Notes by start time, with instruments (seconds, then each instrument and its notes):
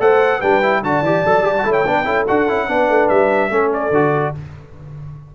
0.00 tuba A3, trombone A4, horn C5, trumpet F#5
0.39 tuba G3, trombone D4, horn B4, trumpet G5
0.63 trombone E4
0.83 tuba D3, trombone F#4, horn D5, trumpet A5
1.02 tuba E3, trombone G4
1.26 tuba F#3, trombone A4
1.42 tuba G3, trombone G4
1.58 trombone F#4
1.64 tuba A3, trombone E4, horn C#5
1.73 trumpet G5
1.86 tuba B3, trombone D4, horn B4
2.05 tuba C#4, trombone E4, horn A4
2.28 tuba D4, trombone F#4, trumpet F#5
2.48 tuba C#4, trombone E4
2.68 tuba B3, trombone D4, horn B4
2.89 tuba A3
3.09 tuba G3, trumpet E5
3.50 tuba A3, trombone C#4, horn A4
3.74 trumpet D5
3.91 tuba D3, trombone F#4